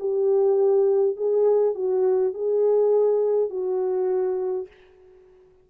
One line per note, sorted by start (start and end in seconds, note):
0.00 1.17 G4
1.17 1.75 G#4
1.75 2.34 F#4
2.34 3.50 G#4
3.50 4.68 F#4